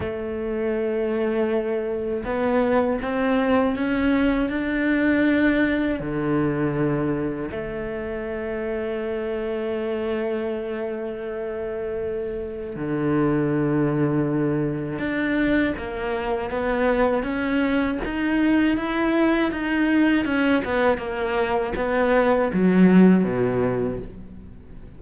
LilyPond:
\new Staff \with { instrumentName = "cello" } { \time 4/4 \tempo 4 = 80 a2. b4 | c'4 cis'4 d'2 | d2 a2~ | a1~ |
a4 d2. | d'4 ais4 b4 cis'4 | dis'4 e'4 dis'4 cis'8 b8 | ais4 b4 fis4 b,4 | }